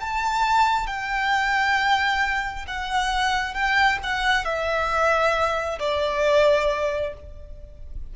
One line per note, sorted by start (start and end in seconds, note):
0.00 0.87 A5
0.87 2.66 G5
2.67 3.54 F#5
3.54 3.99 G5
4.03 4.45 F#5
4.45 5.79 E5
5.79 7.14 D5